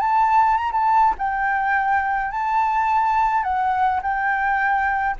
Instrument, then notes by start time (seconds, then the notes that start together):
flute
0.00 A5
0.57 A#5
0.72 A5
1.18 G5
2.31 A5
3.43 F#5
4.02 G5